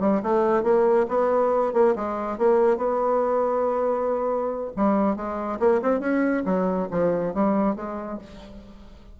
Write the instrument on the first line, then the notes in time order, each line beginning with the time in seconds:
bassoon
0.00 G3
0.23 A3
0.63 A#3
1.08 B3
1.73 A#3
1.95 G#3
2.38 A#3
2.77 B3
4.76 G3
5.16 G#3
5.60 A#3
5.82 C4
6.00 C#4
6.45 F#3
6.91 F3
7.34 G3
7.75 G#3